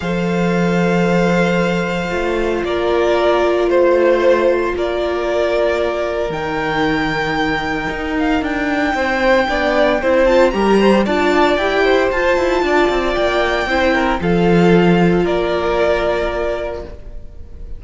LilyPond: <<
  \new Staff \with { instrumentName = "violin" } { \time 4/4 \tempo 4 = 114 f''1~ | f''4 d''2 c''4~ | c''4 d''2. | g''2.~ g''8 f''8 |
g''2.~ g''8 a''8 | ais''4 a''4 g''4 a''4~ | a''4 g''2 f''4~ | f''4 d''2. | }
  \new Staff \with { instrumentName = "violin" } { \time 4/4 c''1~ | c''4 ais'2 c''4~ | c''4 ais'2.~ | ais'1~ |
ais'4 c''4 d''4 c''4 | ais'8 c''8 d''4. c''4. | d''2 c''8 ais'8 a'4~ | a'4 ais'2. | }
  \new Staff \with { instrumentName = "viola" } { \time 4/4 a'1 | f'1~ | f'1 | dis'1~ |
dis'2 d'4 e'8 f'8 | g'4 f'4 g'4 f'4~ | f'2 e'4 f'4~ | f'1 | }
  \new Staff \with { instrumentName = "cello" } { \time 4/4 f1 | a4 ais2 a4~ | a4 ais2. | dis2. dis'4 |
d'4 c'4 b4 c'4 | g4 d'4 e'4 f'8 e'8 | d'8 c'8 ais4 c'4 f4~ | f4 ais2. | }
>>